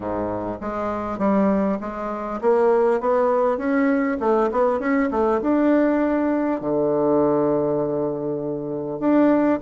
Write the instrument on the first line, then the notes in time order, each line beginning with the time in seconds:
bassoon
0.00 G#2
0.60 G#3
1.18 G3
1.80 G#3
2.41 A#3
3.00 B3
3.57 C#4
4.20 A3
4.51 B3
4.79 C#4
5.11 A3
5.41 D4
6.60 D3
8.99 D4